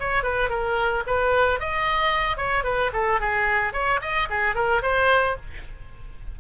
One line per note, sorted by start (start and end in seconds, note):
0.00 0.24 C#5
0.24 0.50 B4
0.50 1.04 A#4
1.07 1.60 B4
1.60 2.38 D#5
2.38 2.64 C#5
2.64 2.91 B4
2.94 3.21 A4
3.21 3.73 G#4
3.73 4.00 C#5
4.02 4.29 D#5
4.30 4.55 G#4
4.55 4.82 A#4
4.83 5.37 C5